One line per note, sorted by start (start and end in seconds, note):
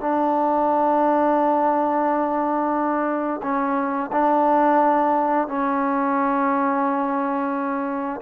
0.00 3.41 D4
3.42 4.11 C#4
4.12 5.48 D4
5.48 8.21 C#4